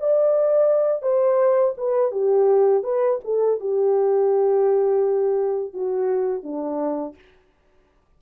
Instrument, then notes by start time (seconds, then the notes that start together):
horn
0.00 D5
1.03 C5
1.78 B4
2.12 G4
2.84 B4
3.25 A4
3.61 G4
5.74 F#4
6.43 D4